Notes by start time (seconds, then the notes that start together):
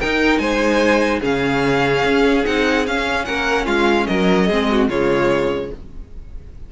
0.00 D#4 A#4 G5
0.39 G#3 C5 G#5
1.20 C#3 C#4 G#4 F5
2.04 C#4
2.45 C4 D#4 F#5
2.87 C#4 F5
3.25 A#3 A#4 F#5
3.66 G#3 F4 F5
4.07 F#3 A#4 D#5
4.48 G#3 C4 G#4
4.71 F#4
4.89 C#3 G#3 F4 C#5